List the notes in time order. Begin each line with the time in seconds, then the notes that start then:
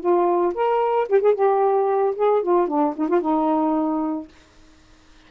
0.00 F4
0.55 A#4
1.09 G4
1.21 G#4
1.34 G4
2.16 G#4
2.43 F4
2.68 D4
2.97 D#4
3.08 F4
3.21 D#4